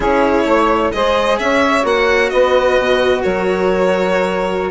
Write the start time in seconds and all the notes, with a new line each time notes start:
0.00 C#4 E4 G#4 C#5
0.45 A3 C#5
0.92 G#3 G#4 C5 D#5
1.38 C#4 C#5 E5
1.82 A#3 F#4 F#5
2.29 B3 B4 D#5
2.78 B2
3.22 F#3 A#4 C#5